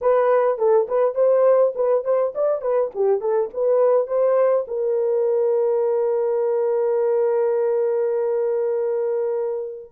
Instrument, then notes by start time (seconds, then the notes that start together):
horn
0.01 B4
0.58 A4
0.88 B4
1.14 C5
1.75 B4
2.04 C5
2.34 D5
2.61 B4
2.94 G4
3.20 A4
3.53 B4
4.07 C5
4.67 A#4